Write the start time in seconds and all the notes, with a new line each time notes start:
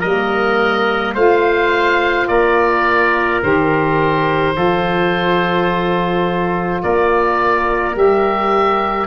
0.00 G3 A#3 A#4 D#5
1.14 A3 F4 C5 F5
2.28 A#3 A#4 D5
3.43 D#3 G4 C5
4.54 F3 F4 A4
6.83 A#3 A#4 D5
7.94 G3 G4 E5